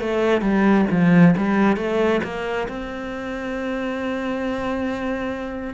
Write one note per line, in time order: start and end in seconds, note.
0.00 0.41 A3
0.41 0.85 G3
0.90 1.34 F3
1.37 1.76 G3
1.76 2.21 A3
2.24 2.68 A#3
2.68 5.74 C4